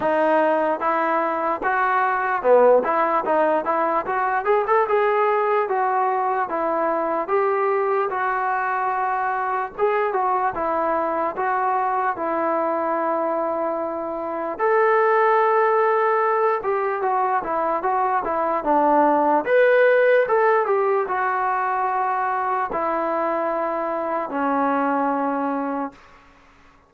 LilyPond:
\new Staff \with { instrumentName = "trombone" } { \time 4/4 \tempo 4 = 74 dis'4 e'4 fis'4 b8 e'8 | dis'8 e'8 fis'8 gis'16 a'16 gis'4 fis'4 | e'4 g'4 fis'2 | gis'8 fis'8 e'4 fis'4 e'4~ |
e'2 a'2~ | a'8 g'8 fis'8 e'8 fis'8 e'8 d'4 | b'4 a'8 g'8 fis'2 | e'2 cis'2 | }